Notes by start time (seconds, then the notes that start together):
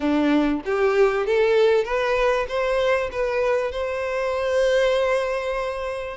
0.00 D4
0.65 G4
1.26 A4
1.84 B4
2.48 C5
3.11 B4
3.71 C5